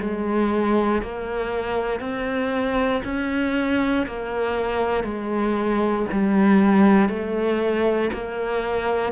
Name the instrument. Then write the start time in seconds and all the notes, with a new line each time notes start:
cello
0.00 G#3
1.02 A#3
2.00 C4
3.04 C#4
4.06 A#3
5.04 G#3
6.12 G3
7.09 A3
8.13 A#3